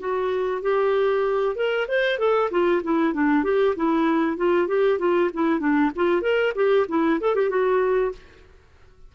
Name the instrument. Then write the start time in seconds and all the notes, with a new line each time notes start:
clarinet
0.00 F#4
0.62 G4
1.56 A#4
1.88 C5
2.19 A4
2.51 F4
2.84 E4
3.14 D4
3.44 G4
3.76 E4
4.37 F4
4.68 G4
4.99 F4
5.34 E4
5.59 D4
5.96 F4
6.22 A#4
6.55 G4
6.89 E4
7.20 A4
7.35 G4
7.50 F#4